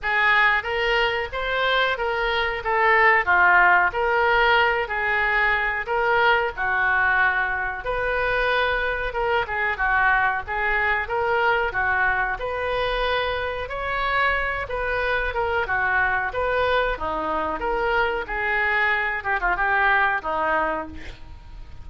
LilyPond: \new Staff \with { instrumentName = "oboe" } { \time 4/4 \tempo 4 = 92 gis'4 ais'4 c''4 ais'4 | a'4 f'4 ais'4. gis'8~ | gis'4 ais'4 fis'2 | b'2 ais'8 gis'8 fis'4 |
gis'4 ais'4 fis'4 b'4~ | b'4 cis''4. b'4 ais'8 | fis'4 b'4 dis'4 ais'4 | gis'4. g'16 f'16 g'4 dis'4 | }